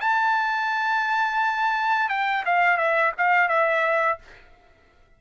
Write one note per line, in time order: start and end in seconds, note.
0.00 2.08 A5
2.08 2.44 G5
2.45 2.77 F5
2.77 3.12 E5
3.17 3.48 F5
3.48 4.18 E5